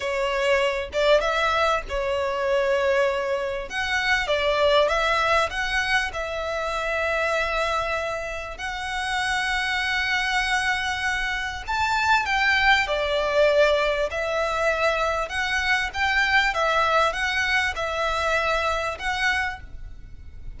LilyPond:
\new Staff \with { instrumentName = "violin" } { \time 4/4 \tempo 4 = 98 cis''4. d''8 e''4 cis''4~ | cis''2 fis''4 d''4 | e''4 fis''4 e''2~ | e''2 fis''2~ |
fis''2. a''4 | g''4 d''2 e''4~ | e''4 fis''4 g''4 e''4 | fis''4 e''2 fis''4 | }